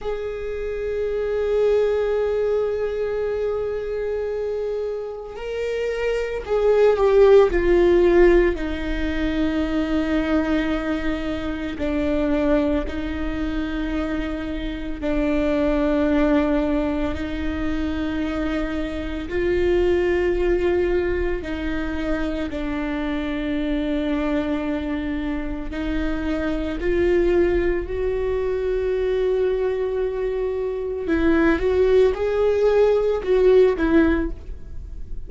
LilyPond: \new Staff \with { instrumentName = "viola" } { \time 4/4 \tempo 4 = 56 gis'1~ | gis'4 ais'4 gis'8 g'8 f'4 | dis'2. d'4 | dis'2 d'2 |
dis'2 f'2 | dis'4 d'2. | dis'4 f'4 fis'2~ | fis'4 e'8 fis'8 gis'4 fis'8 e'8 | }